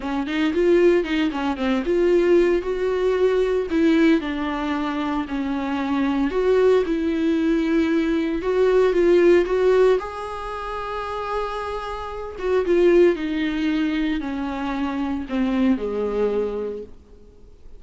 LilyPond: \new Staff \with { instrumentName = "viola" } { \time 4/4 \tempo 4 = 114 cis'8 dis'8 f'4 dis'8 cis'8 c'8 f'8~ | f'4 fis'2 e'4 | d'2 cis'2 | fis'4 e'2. |
fis'4 f'4 fis'4 gis'4~ | gis'2.~ gis'8 fis'8 | f'4 dis'2 cis'4~ | cis'4 c'4 gis2 | }